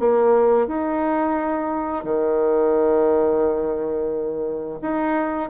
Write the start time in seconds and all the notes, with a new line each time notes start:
0.00 A#3
0.68 D#4
2.04 D#3
4.82 D#4